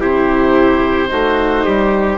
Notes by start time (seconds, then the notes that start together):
0.00 C3 E4 G4 C5
1.08 A3 D#4 F#4
1.64 G3 G4